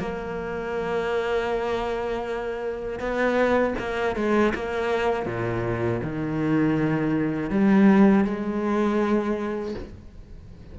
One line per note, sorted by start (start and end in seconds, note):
0.00 2.99 A#3
2.99 3.74 B3
3.79 4.16 A#3
4.16 4.53 G#3
4.54 5.26 A#3
5.26 6.01 A#2
6.03 7.50 D#3
7.50 8.25 G3
8.25 9.75 G#3